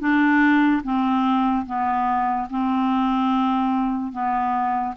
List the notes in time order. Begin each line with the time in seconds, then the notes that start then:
0.00 D4
0.84 C4
1.66 B3
2.50 C4
4.12 B3